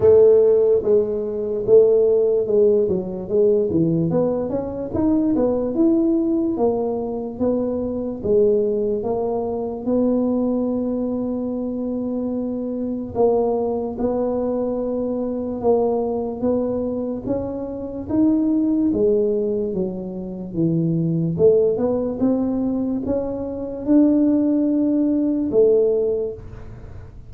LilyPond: \new Staff \with { instrumentName = "tuba" } { \time 4/4 \tempo 4 = 73 a4 gis4 a4 gis8 fis8 | gis8 e8 b8 cis'8 dis'8 b8 e'4 | ais4 b4 gis4 ais4 | b1 |
ais4 b2 ais4 | b4 cis'4 dis'4 gis4 | fis4 e4 a8 b8 c'4 | cis'4 d'2 a4 | }